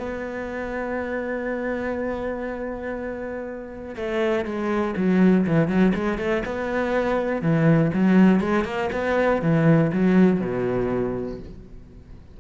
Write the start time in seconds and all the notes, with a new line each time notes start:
0.00 B3
3.96 A3
4.46 G#3
4.97 F#3
5.47 E3
5.68 F#3
5.95 G#3
6.19 A3
6.46 B3
7.42 E3
7.94 F#3
8.41 G#3
8.65 A#3
8.93 B3
9.42 E3
9.93 F#3
10.41 B2